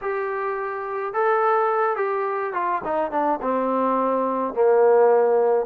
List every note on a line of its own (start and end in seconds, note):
0.01 1.13 G4
1.13 1.96 A4
1.96 2.53 G4
2.53 2.81 F4
2.84 3.11 D#4
3.11 3.39 D4
3.41 4.53 C4
4.53 5.66 A#3